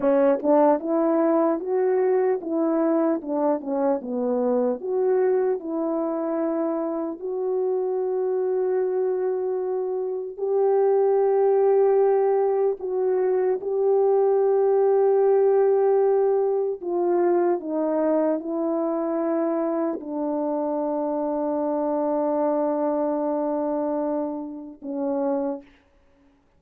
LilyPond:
\new Staff \with { instrumentName = "horn" } { \time 4/4 \tempo 4 = 75 cis'8 d'8 e'4 fis'4 e'4 | d'8 cis'8 b4 fis'4 e'4~ | e'4 fis'2.~ | fis'4 g'2. |
fis'4 g'2.~ | g'4 f'4 dis'4 e'4~ | e'4 d'2.~ | d'2. cis'4 | }